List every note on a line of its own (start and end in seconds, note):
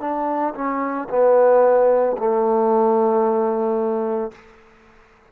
0.00 0.54 D4
0.55 1.08 C#4
1.09 2.16 B3
2.17 4.31 A3